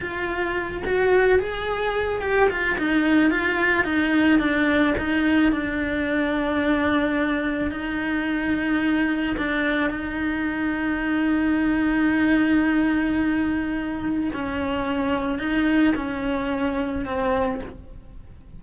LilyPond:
\new Staff \with { instrumentName = "cello" } { \time 4/4 \tempo 4 = 109 f'4. fis'4 gis'4. | g'8 f'8 dis'4 f'4 dis'4 | d'4 dis'4 d'2~ | d'2 dis'2~ |
dis'4 d'4 dis'2~ | dis'1~ | dis'2 cis'2 | dis'4 cis'2 c'4 | }